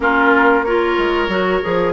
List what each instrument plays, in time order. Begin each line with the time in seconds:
0.00 bassoon A#3, clarinet C#4, oboe F4, flute A#4
0.63 clarinet F4, oboe A#4, flute C#5
0.97 bassoon G#3
1.28 bassoon F#3, clarinet F#4
1.62 bassoon F3, clarinet G#4